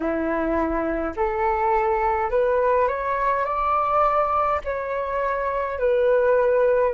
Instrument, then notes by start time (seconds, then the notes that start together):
flute
0.00 E4
1.16 A4
2.30 B4
2.88 C#5
3.45 D5
4.64 C#5
5.78 B4